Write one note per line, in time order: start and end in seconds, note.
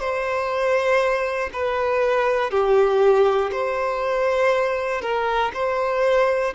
0.00 1.50 C5
1.53 2.50 B4
2.50 3.50 G4
3.52 5.01 C5
5.01 5.51 A#4
5.54 6.54 C5